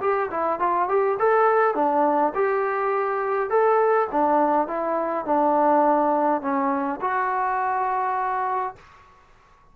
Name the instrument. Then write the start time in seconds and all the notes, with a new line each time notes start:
trombone
0.00 G4
0.30 E4
0.59 F4
0.88 G4
1.19 A4
1.74 D4
2.34 G4
3.49 A4
4.11 D4
4.67 E4
5.25 D4
6.41 C#4
7.00 F#4